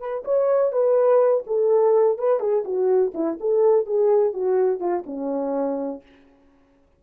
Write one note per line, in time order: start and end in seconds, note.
0.00 0.24 B4
0.25 0.72 C#5
0.72 1.44 B4
1.47 2.18 A4
2.18 2.40 B4
2.40 2.64 G#4
2.65 3.13 F#4
3.14 3.38 E4
3.40 3.86 A4
3.86 4.34 G#4
4.34 4.80 F#4
4.80 5.04 F4
5.06 6.02 C#4